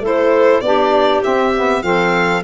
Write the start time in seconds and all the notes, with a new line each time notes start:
0.00 A3 E4 A4
0.06 C5
0.61 B3 D4 G4 D5
1.23 C4 E5
1.57 B3
1.82 F3 C4 A4 F5